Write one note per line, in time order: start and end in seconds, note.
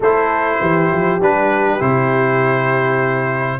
0.00 0.58 A3
0.00 1.21 E4
0.00 0.58 A4
0.00 1.22 C5
0.60 0.91 E3
0.60 3.59 G4
0.92 1.20 F3
1.20 1.80 G3
1.20 1.79 D4
1.20 1.81 B4
1.79 3.59 C3
1.79 3.59 E4
1.79 3.59 C5